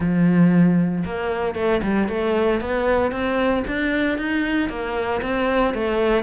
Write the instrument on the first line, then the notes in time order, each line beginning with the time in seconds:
cello
0.00 F3
1.05 A#3
1.55 A3
1.82 G3
2.08 A3
2.60 B3
3.11 C4
3.67 D4
4.17 D#4
4.69 A#3
5.21 C4
5.74 A3